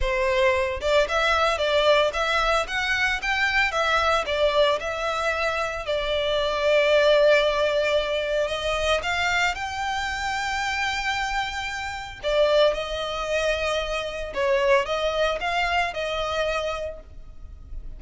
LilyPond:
\new Staff \with { instrumentName = "violin" } { \time 4/4 \tempo 4 = 113 c''4. d''8 e''4 d''4 | e''4 fis''4 g''4 e''4 | d''4 e''2 d''4~ | d''1 |
dis''4 f''4 g''2~ | g''2. d''4 | dis''2. cis''4 | dis''4 f''4 dis''2 | }